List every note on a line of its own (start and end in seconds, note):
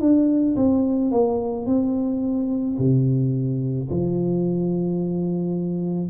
0.00 0.56 D4
0.56 1.11 C4
1.11 1.66 A#3
1.66 2.77 C4
2.78 3.89 C3
3.90 6.10 F3